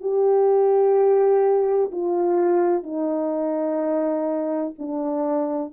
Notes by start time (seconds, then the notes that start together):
0.00 G4
1.92 F4
2.83 D#4
4.78 D4